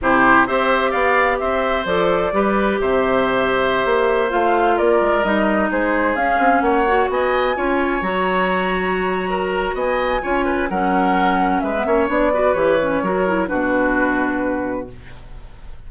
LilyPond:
<<
  \new Staff \with { instrumentName = "flute" } { \time 4/4 \tempo 4 = 129 c''4 e''4 f''4 e''4 | d''2 e''2~ | e''4~ e''16 f''4 d''4 dis''8.~ | dis''16 c''4 f''4 fis''4 gis''8.~ |
gis''4~ gis''16 ais''2~ ais''8.~ | ais''4 gis''2 fis''4~ | fis''4 e''4 d''4 cis''4~ | cis''4 b'2. | }
  \new Staff \with { instrumentName = "oboe" } { \time 4/4 g'4 c''4 d''4 c''4~ | c''4 b'4 c''2~ | c''2~ c''16 ais'4.~ ais'16~ | ais'16 gis'2 cis''4 dis''8.~ |
dis''16 cis''2.~ cis''8. | ais'4 dis''4 cis''8 b'8 ais'4~ | ais'4 b'8 cis''4 b'4. | ais'4 fis'2. | }
  \new Staff \with { instrumentName = "clarinet" } { \time 4/4 e'4 g'2. | a'4 g'2.~ | g'4~ g'16 f'2 dis'8.~ | dis'4~ dis'16 cis'4. fis'4~ fis'16~ |
fis'16 f'4 fis'2~ fis'8.~ | fis'2 f'4 cis'4~ | cis'4~ cis'16 b16 cis'8 d'8 fis'8 g'8 cis'8 | fis'8 e'8 d'2. | }
  \new Staff \with { instrumentName = "bassoon" } { \time 4/4 c4 c'4 b4 c'4 | f4 g4 c2~ | c16 ais4 a4 ais8 gis8 g8.~ | g16 gis4 cis'8 c'8 ais4 b8.~ |
b16 cis'4 fis2~ fis8.~ | fis4 b4 cis'4 fis4~ | fis4 gis8 ais8 b4 e4 | fis4 b,2. | }
>>